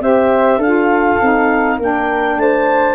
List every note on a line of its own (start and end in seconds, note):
0.00 0.57 C4
0.00 0.60 G4
0.00 0.58 C5
0.00 0.61 E5
0.57 1.16 D4
0.57 1.75 A4
0.57 1.78 F5
0.64 1.21 F4
1.21 1.78 C4
1.21 1.80 D#4
1.77 2.37 A#3
1.77 2.95 D4
1.77 2.36 A#4
1.77 2.39 G5
2.37 2.95 A3
2.37 2.95 C5
2.37 2.95 A5